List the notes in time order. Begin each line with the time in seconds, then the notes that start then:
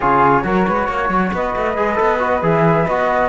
0.00 C#3 F4 G#4 C#5
0.42 F#3 F#4 A#4
0.67 G#3 B4
0.86 A#3 C#5
1.09 F#3
1.33 B3 B4 D#5
1.56 A3
1.75 G#3 G#4
1.95 B3 A4
2.19 F#4
2.42 E3 G#4 E5
2.87 B3 F#4 D#5